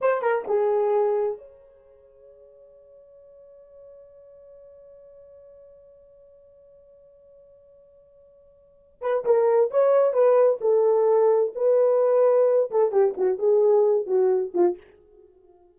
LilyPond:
\new Staff \with { instrumentName = "horn" } { \time 4/4 \tempo 4 = 130 c''8 ais'8 gis'2 cis''4~ | cis''1~ | cis''1~ | cis''1~ |
cis''2.~ cis''8 b'8 | ais'4 cis''4 b'4 a'4~ | a'4 b'2~ b'8 a'8 | g'8 fis'8 gis'4. fis'4 f'8 | }